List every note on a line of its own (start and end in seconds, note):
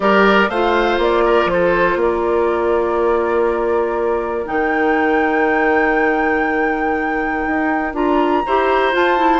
0.00 0.49 G3
0.00 0.48 G4
0.00 0.49 A#4
0.00 0.49 D5
0.49 0.98 A3
0.49 4.45 F4
0.49 1.24 C5
0.49 0.99 F5
0.98 1.45 A#3
0.98 1.51 D5
1.25 1.50 A#4
1.45 1.95 F3
1.45 2.00 C5
1.52 1.99 A4
1.96 4.43 A#3
1.96 8.43 A#4
1.96 4.46 D5
4.45 7.45 D#3
4.45 7.92 D#4
4.45 7.93 G5
7.46 7.93 D#4
7.93 8.43 D4
7.93 8.43 F4
7.93 8.94 A#5
8.45 8.92 E4
8.45 8.92 G4
8.45 9.39 C5
8.92 9.39 F4
8.92 9.17 F4
8.92 9.39 A5
9.17 9.39 E4